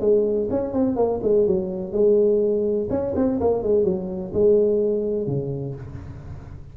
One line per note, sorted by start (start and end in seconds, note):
0.00 0.48 G#3
0.50 0.73 C#4
0.73 0.96 C4
0.96 1.20 A#3
1.22 1.46 G#3
1.47 1.92 F#3
1.92 2.88 G#3
2.89 3.13 C#4
3.15 3.39 C4
3.40 3.62 A#3
3.62 3.84 G#3
3.84 4.32 F#3
4.33 5.26 G#3
5.26 5.74 C#3